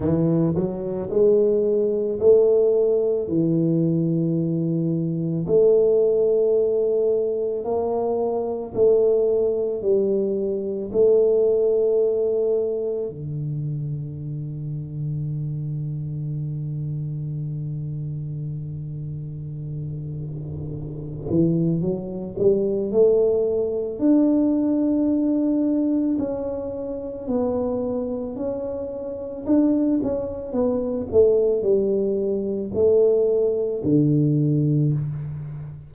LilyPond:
\new Staff \with { instrumentName = "tuba" } { \time 4/4 \tempo 4 = 55 e8 fis8 gis4 a4 e4~ | e4 a2 ais4 | a4 g4 a2 | d1~ |
d2.~ d8 e8 | fis8 g8 a4 d'2 | cis'4 b4 cis'4 d'8 cis'8 | b8 a8 g4 a4 d4 | }